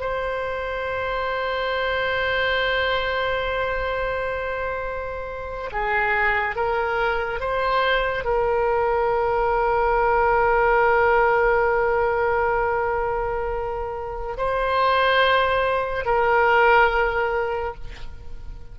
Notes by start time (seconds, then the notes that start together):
0.00 C5
5.72 G#4
6.56 A#4
7.40 C5
8.24 A#4
14.37 C5
16.05 A#4